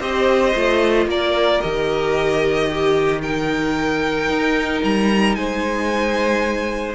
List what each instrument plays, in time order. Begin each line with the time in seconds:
0.00 cello C4, viola G4, violin C5 D#5
0.54 cello A3, viola F4
1.06 cello A#3, violin A#4 D5
1.61 cello D#3, viola G4, violin D#5
2.68 violin G4
3.22 viola D#4, violin A#4 G5
4.29 cello D#4
4.83 cello G3, violin A#5
5.35 cello G#3, violin C5 G#5